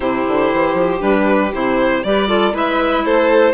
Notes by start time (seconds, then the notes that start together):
0.00 C3 E4 G4 C5
0.27 D3
0.53 E3
0.73 F3
0.99 G3 D4 B4
1.52 C3 E4 C5
2.03 G3 G4 B4 D5
2.27 F4 A4
2.52 G#3 E4 B4 E5
3.04 A3 A4 C5